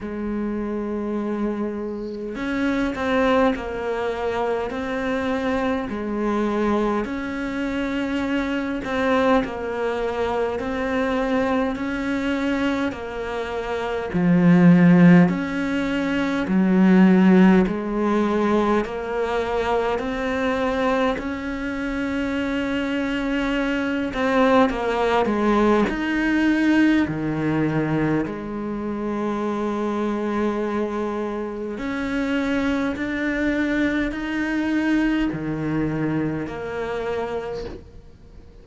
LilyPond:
\new Staff \with { instrumentName = "cello" } { \time 4/4 \tempo 4 = 51 gis2 cis'8 c'8 ais4 | c'4 gis4 cis'4. c'8 | ais4 c'4 cis'4 ais4 | f4 cis'4 fis4 gis4 |
ais4 c'4 cis'2~ | cis'8 c'8 ais8 gis8 dis'4 dis4 | gis2. cis'4 | d'4 dis'4 dis4 ais4 | }